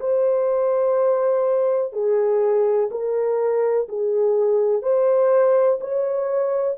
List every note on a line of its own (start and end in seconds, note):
0.00 1.93 C5
1.93 2.90 G#4
2.91 3.88 A#4
3.89 4.83 G#4
4.83 5.79 C5
5.81 6.77 C#5